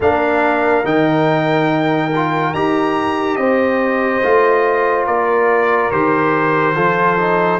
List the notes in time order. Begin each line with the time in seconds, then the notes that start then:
0.00 A#3 D4 A#4 F5
0.84 D#3 D#4 G5
2.15 F4
2.53 D#4 G4 A#5
3.36 C4 C5 D#5
4.23 A3 F4
5.06 A#3 A#4 D5
5.90 D#3 G4 C5
6.75 F3 F4 A4
7.18 D#4